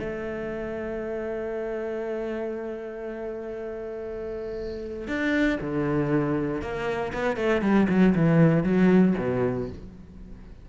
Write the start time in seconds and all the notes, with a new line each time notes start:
0.00 A3
5.08 D4
5.61 D3
6.62 A#3
7.13 B3
7.37 A3
7.62 G3
7.89 F#3
8.16 E3
8.64 F#3
9.18 B2